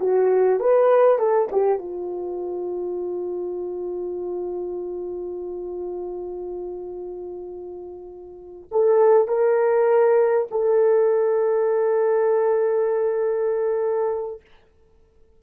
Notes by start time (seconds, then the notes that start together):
0.00 F#4
0.60 B4
1.19 A4
1.52 G4
1.79 F4
8.72 A4
9.28 A#4
10.51 A4